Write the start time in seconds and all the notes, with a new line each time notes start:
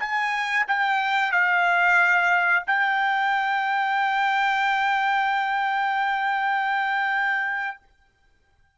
0.00 G#5
0.68 G5
1.32 F5
2.67 G5